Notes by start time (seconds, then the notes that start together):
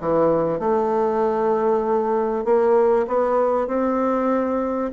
0.00 E3
0.59 A3
2.44 A#3
3.07 B3
3.67 C4